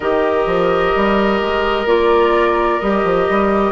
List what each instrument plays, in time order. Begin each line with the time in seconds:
0.00 bassoon D#3, clarinet G4, oboe A#4, flute D#5
0.46 bassoon F3
0.95 bassoon G3
1.41 bassoon G#3
1.85 bassoon A#3, clarinet F4, flute D5
2.79 bassoon G3, clarinet G4, flute D#5
3.04 bassoon F3
3.29 bassoon G3